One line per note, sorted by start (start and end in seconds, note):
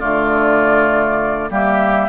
0.00 1.50 D3
0.00 1.50 A3
0.00 1.50 F4
0.00 1.50 D5
1.50 2.09 G3
1.50 2.09 A#3
1.50 2.09 G4
1.50 2.09 E5